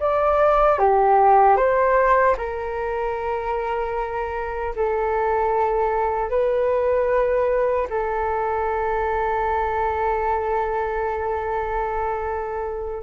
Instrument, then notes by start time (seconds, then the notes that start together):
flute
0.00 D5
0.79 G4
1.57 C5
2.38 A#4
4.76 A4
6.30 B4
7.91 A4